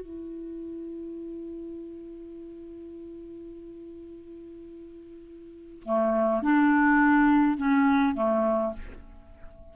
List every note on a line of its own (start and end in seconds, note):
0.00 5.83 E4
5.84 6.42 A3
6.42 7.56 D4
7.56 8.14 C#4
8.14 8.72 A3